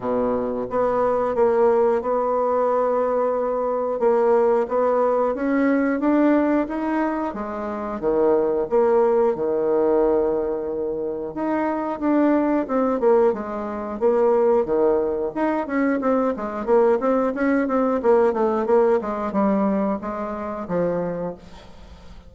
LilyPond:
\new Staff \with { instrumentName = "bassoon" } { \time 4/4 \tempo 4 = 90 b,4 b4 ais4 b4~ | b2 ais4 b4 | cis'4 d'4 dis'4 gis4 | dis4 ais4 dis2~ |
dis4 dis'4 d'4 c'8 ais8 | gis4 ais4 dis4 dis'8 cis'8 | c'8 gis8 ais8 c'8 cis'8 c'8 ais8 a8 | ais8 gis8 g4 gis4 f4 | }